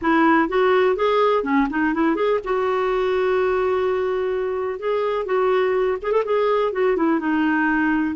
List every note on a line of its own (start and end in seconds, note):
0.01 0.48 E4
0.48 0.95 F#4
0.95 1.43 G#4
1.43 1.67 C#4
1.70 1.94 D#4
1.94 2.15 E4
2.15 2.39 G#4
2.44 4.79 F#4
4.79 5.25 G#4
5.25 5.97 F#4
6.01 6.11 G#4
6.11 6.23 A4
6.24 6.72 G#4
6.72 6.96 F#4
6.96 7.19 E4
7.19 8.15 D#4